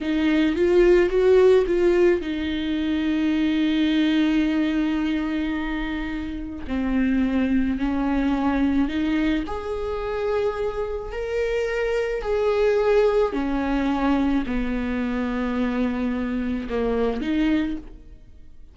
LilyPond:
\new Staff \with { instrumentName = "viola" } { \time 4/4 \tempo 4 = 108 dis'4 f'4 fis'4 f'4 | dis'1~ | dis'1 | c'2 cis'2 |
dis'4 gis'2. | ais'2 gis'2 | cis'2 b2~ | b2 ais4 dis'4 | }